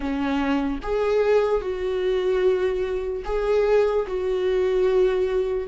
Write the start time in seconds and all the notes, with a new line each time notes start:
0.00 C#4
0.82 G#4
1.61 F#4
3.24 G#4
4.07 F#4